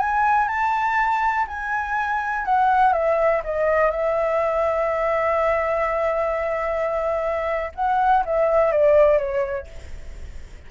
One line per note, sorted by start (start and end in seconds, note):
0.00 0.49 G#5
0.49 1.47 A5
1.48 2.46 G#5
2.46 2.93 F#5
2.93 3.42 E5
3.45 3.91 D#5
3.91 7.72 E5
7.75 8.24 F#5
8.26 8.73 E5
8.73 9.18 D5
9.18 9.68 C#5